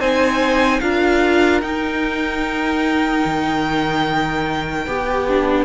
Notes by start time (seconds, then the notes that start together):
0.00 C4 D#4 C5 G#5
0.80 D4 F4 A#4 F5
1.62 D#4 G5
3.26 D#3
4.87 B3 G4
5.28 D4